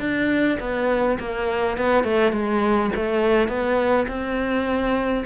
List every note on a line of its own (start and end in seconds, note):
0.00 0.58 D4
0.60 1.18 B3
1.20 1.78 A#3
1.78 2.04 B3
2.04 2.32 A3
2.32 2.91 G#3
2.96 3.48 A3
3.48 4.06 B3
4.08 5.24 C4